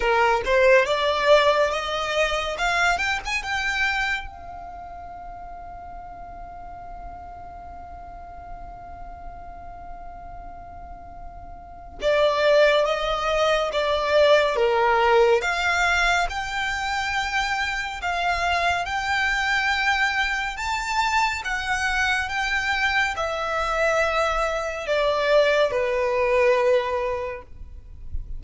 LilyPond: \new Staff \with { instrumentName = "violin" } { \time 4/4 \tempo 4 = 70 ais'8 c''8 d''4 dis''4 f''8 g''16 gis''16 | g''4 f''2.~ | f''1~ | f''2 d''4 dis''4 |
d''4 ais'4 f''4 g''4~ | g''4 f''4 g''2 | a''4 fis''4 g''4 e''4~ | e''4 d''4 b'2 | }